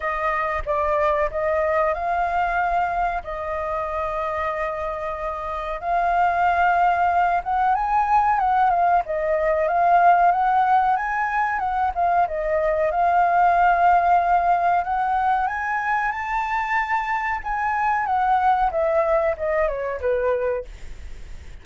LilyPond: \new Staff \with { instrumentName = "flute" } { \time 4/4 \tempo 4 = 93 dis''4 d''4 dis''4 f''4~ | f''4 dis''2.~ | dis''4 f''2~ f''8 fis''8 | gis''4 fis''8 f''8 dis''4 f''4 |
fis''4 gis''4 fis''8 f''8 dis''4 | f''2. fis''4 | gis''4 a''2 gis''4 | fis''4 e''4 dis''8 cis''8 b'4 | }